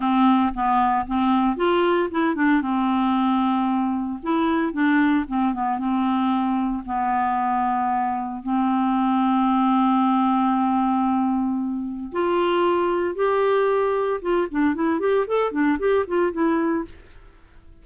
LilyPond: \new Staff \with { instrumentName = "clarinet" } { \time 4/4 \tempo 4 = 114 c'4 b4 c'4 f'4 | e'8 d'8 c'2. | e'4 d'4 c'8 b8 c'4~ | c'4 b2. |
c'1~ | c'2. f'4~ | f'4 g'2 f'8 d'8 | e'8 g'8 a'8 d'8 g'8 f'8 e'4 | }